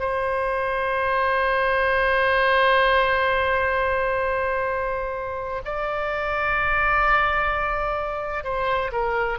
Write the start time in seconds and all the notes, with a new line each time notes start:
0.00 C5
5.65 D5
8.45 C5
8.92 A#4